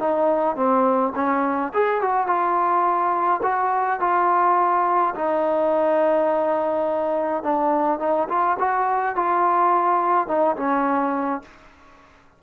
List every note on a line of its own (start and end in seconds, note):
0.00 0.56 D#4
0.56 1.13 C4
1.16 1.73 C#4
1.74 2.02 G#4
2.02 2.27 F#4
2.27 3.41 F4
3.43 4.01 F#4
4.01 5.15 F4
5.16 7.44 D#4
7.44 8.00 D4
8.00 8.28 D#4
8.29 8.58 F4
8.59 9.16 F#4
9.16 10.28 F4
10.28 10.56 D#4
10.57 11.42 C#4